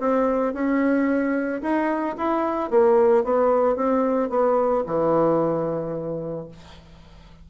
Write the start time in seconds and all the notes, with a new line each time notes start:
0.00 C4
0.54 C#4
1.62 D#4
2.18 E4
2.71 A#3
3.24 B3
3.76 C4
4.30 B3
4.86 E3